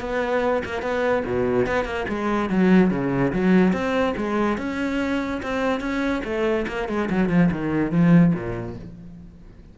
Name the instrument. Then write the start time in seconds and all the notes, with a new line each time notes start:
cello
0.00 B3
0.65 A#3
0.82 B3
1.25 B2
1.66 B3
1.85 A#3
2.08 G#3
2.49 F#3
2.90 C#3
3.33 F#3
3.73 C4
4.17 G#3
4.58 C#4
5.42 C4
5.80 C#4
6.24 A3
6.68 A#3
6.88 G#3
7.10 F#3
7.29 F3
7.52 D#3
7.92 F3
8.34 A#2